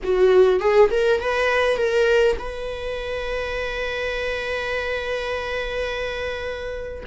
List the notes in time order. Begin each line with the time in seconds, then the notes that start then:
0.03 F#4
0.60 G#4
0.91 A#4
1.20 B4
1.76 A#4
2.38 B4